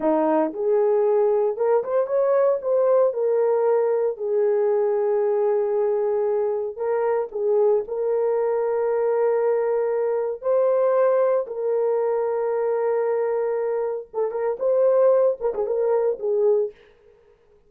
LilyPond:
\new Staff \with { instrumentName = "horn" } { \time 4/4 \tempo 4 = 115 dis'4 gis'2 ais'8 c''8 | cis''4 c''4 ais'2 | gis'1~ | gis'4 ais'4 gis'4 ais'4~ |
ais'1 | c''2 ais'2~ | ais'2. a'8 ais'8 | c''4. ais'16 gis'16 ais'4 gis'4 | }